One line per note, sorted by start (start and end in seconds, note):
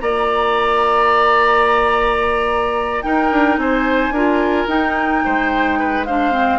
0.00 3.04 A#3
0.00 3.03 F4
0.00 3.05 D5
0.00 3.02 A#5
3.02 4.13 D#4
3.02 3.31 D#4
3.02 3.60 A#4
3.02 3.57 G5
3.31 3.57 D4
3.57 4.10 C4
3.57 4.14 C5
3.57 4.68 G#5
4.10 4.65 D4
4.10 4.68 F4
4.10 5.24 A#4
4.67 5.22 D#4
4.67 6.05 D#4
4.67 6.05 G5
5.25 6.59 G#3
5.25 5.79 C5
5.79 6.06 B4
6.05 6.32 D4
6.05 6.59 C5
6.05 6.59 F5
6.32 6.59 C4